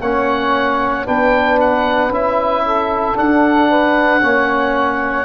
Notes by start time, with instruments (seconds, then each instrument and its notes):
0.00 tuba A#3, trombone C#4, saxophone C#5, oboe F#5
1.05 tuba B3, trombone D4, saxophone B4, oboe G5
1.60 oboe F#5
2.09 tuba C#4, trombone E4, oboe E5
2.65 saxophone A4
3.15 trombone D4, tuba D4, oboe F#5
3.69 saxophone B4
4.20 tuba A#3, trombone C#4, saxophone C#5